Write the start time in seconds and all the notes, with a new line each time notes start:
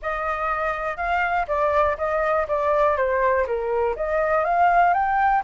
0.01 D#5
0.96 F5
1.47 D5
1.97 D#5
2.47 D5
2.96 C5
3.46 A#4
3.96 D#5
4.44 F5
4.93 G5